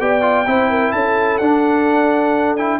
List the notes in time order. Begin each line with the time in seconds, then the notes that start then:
0.00 B3 G4 D5 G5
0.22 F4
0.46 C4 E4 C5
0.70 A#4
0.92 C#4 A4 A5
1.38 D4 F#5
2.56 E4 G5